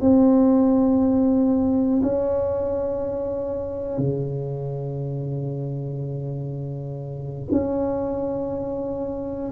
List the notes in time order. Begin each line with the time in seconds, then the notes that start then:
0.00 C4
2.02 C#4
3.98 C#3
7.51 C#4